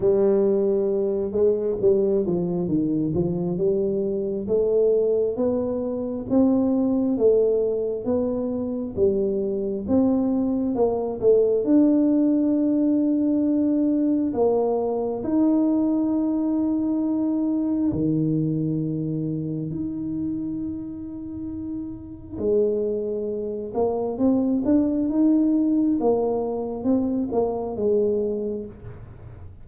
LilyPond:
\new Staff \with { instrumentName = "tuba" } { \time 4/4 \tempo 4 = 67 g4. gis8 g8 f8 dis8 f8 | g4 a4 b4 c'4 | a4 b4 g4 c'4 | ais8 a8 d'2. |
ais4 dis'2. | dis2 dis'2~ | dis'4 gis4. ais8 c'8 d'8 | dis'4 ais4 c'8 ais8 gis4 | }